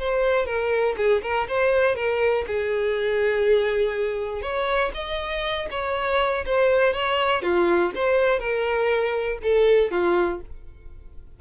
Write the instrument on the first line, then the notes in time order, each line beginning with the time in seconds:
violin
0.00 C5
0.46 A#4
0.98 G#4
1.23 A#4
1.49 C5
1.96 A#4
2.47 G#4
4.42 C#5
4.95 D#5
5.71 C#5
6.46 C5
6.94 C#5
7.42 F4
7.96 C5
8.40 A#4
9.43 A4
9.92 F4